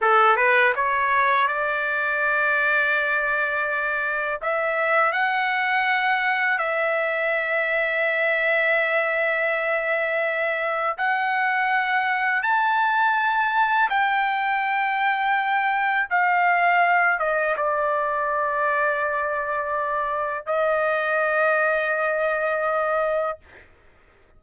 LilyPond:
\new Staff \with { instrumentName = "trumpet" } { \time 4/4 \tempo 4 = 82 a'8 b'8 cis''4 d''2~ | d''2 e''4 fis''4~ | fis''4 e''2.~ | e''2. fis''4~ |
fis''4 a''2 g''4~ | g''2 f''4. dis''8 | d''1 | dis''1 | }